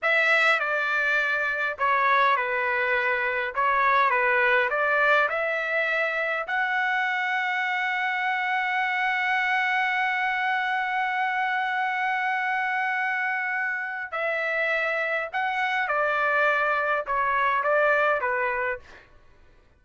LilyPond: \new Staff \with { instrumentName = "trumpet" } { \time 4/4 \tempo 4 = 102 e''4 d''2 cis''4 | b'2 cis''4 b'4 | d''4 e''2 fis''4~ | fis''1~ |
fis''1~ | fis''1 | e''2 fis''4 d''4~ | d''4 cis''4 d''4 b'4 | }